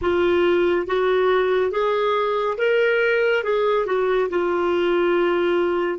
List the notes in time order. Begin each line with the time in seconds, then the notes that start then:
0.01 F4
0.86 F#4
1.71 G#4
2.57 A#4
3.43 G#4
3.86 F#4
4.29 F4